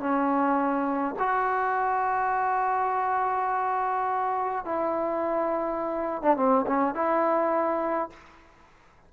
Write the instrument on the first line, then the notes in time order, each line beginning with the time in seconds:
trombone
0.00 C#4
1.19 F#4
4.65 E4
6.23 D4
6.37 C4
6.67 C#4
6.95 E4